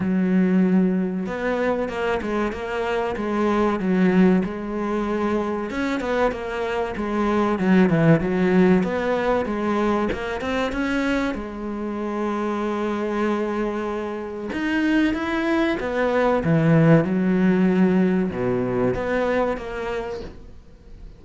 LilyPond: \new Staff \with { instrumentName = "cello" } { \time 4/4 \tempo 4 = 95 fis2 b4 ais8 gis8 | ais4 gis4 fis4 gis4~ | gis4 cis'8 b8 ais4 gis4 | fis8 e8 fis4 b4 gis4 |
ais8 c'8 cis'4 gis2~ | gis2. dis'4 | e'4 b4 e4 fis4~ | fis4 b,4 b4 ais4 | }